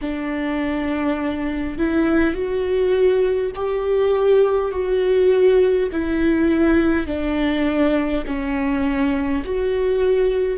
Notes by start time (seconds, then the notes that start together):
0.01 D4
1.78 E4
2.34 F#4
3.55 G4
4.71 F#4
5.91 E4
7.06 D4
8.26 C#4
9.44 F#4